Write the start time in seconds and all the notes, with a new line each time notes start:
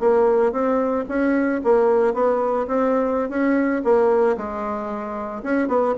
0.00 A#3
0.52 C4
1.09 C#4
1.64 A#3
2.14 B3
2.68 C4
3.30 C#4
3.84 A#3
4.37 G#3
5.43 C#4
5.68 B3